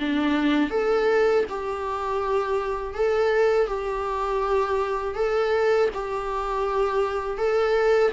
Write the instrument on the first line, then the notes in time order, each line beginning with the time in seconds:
viola
0.00 D4
0.70 A4
1.50 G4
2.95 A4
3.67 G4
5.15 A4
5.94 G4
7.38 A4